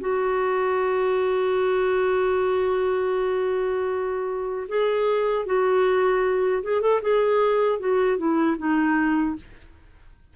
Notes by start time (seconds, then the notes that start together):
0.00 F#4
4.68 G#4
5.46 F#4
6.63 G#4
6.81 A4
7.02 G#4
7.80 F#4
8.18 E4
8.58 D#4